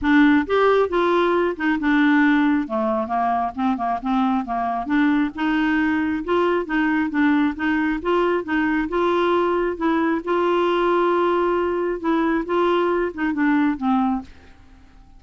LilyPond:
\new Staff \with { instrumentName = "clarinet" } { \time 4/4 \tempo 4 = 135 d'4 g'4 f'4. dis'8 | d'2 a4 ais4 | c'8 ais8 c'4 ais4 d'4 | dis'2 f'4 dis'4 |
d'4 dis'4 f'4 dis'4 | f'2 e'4 f'4~ | f'2. e'4 | f'4. dis'8 d'4 c'4 | }